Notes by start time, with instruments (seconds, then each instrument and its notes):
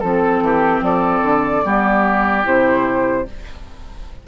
0.00 bassoon F3, clarinet C4, flute A4, oboe A4
0.41 bassoon E3, oboe G4
0.81 bassoon F3, oboe A4, flute D5
1.22 bassoon D3
1.63 bassoon G3, clarinet B3, oboe G4
2.44 bassoon C3, clarinet E4, flute C5